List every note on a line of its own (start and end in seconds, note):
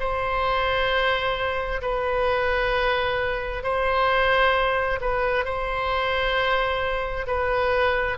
0.00 1.82 C5
1.82 3.64 B4
3.64 5.00 C5
5.01 5.45 B4
5.45 7.27 C5
7.27 8.18 B4